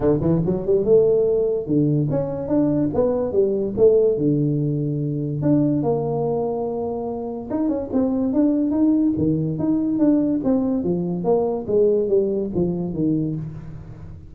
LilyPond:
\new Staff \with { instrumentName = "tuba" } { \time 4/4 \tempo 4 = 144 d8 e8 fis8 g8 a2 | d4 cis'4 d'4 b4 | g4 a4 d2~ | d4 d'4 ais2~ |
ais2 dis'8 cis'8 c'4 | d'4 dis'4 dis4 dis'4 | d'4 c'4 f4 ais4 | gis4 g4 f4 dis4 | }